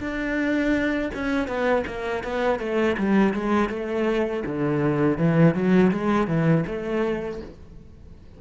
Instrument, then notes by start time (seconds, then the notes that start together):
cello
0.00 D4
1.14 C#4
1.47 B3
1.87 A#3
2.24 B3
2.59 A3
2.97 G3
3.34 G#3
3.69 A3
4.46 D3
5.18 E3
5.54 F#3
5.91 G#3
6.27 E3
6.67 A3